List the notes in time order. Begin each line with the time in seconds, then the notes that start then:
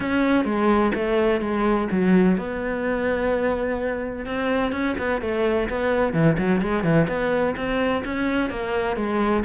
0.00 C#4
0.44 G#3
0.94 A3
1.40 G#3
1.91 F#3
2.37 B3
4.25 C4
4.72 C#4
4.98 B3
5.21 A3
5.69 B3
6.13 E3
6.38 F#3
6.61 G#3
6.83 E3
7.08 B3
7.56 C4
8.04 C#4
8.49 A#3
8.96 G#3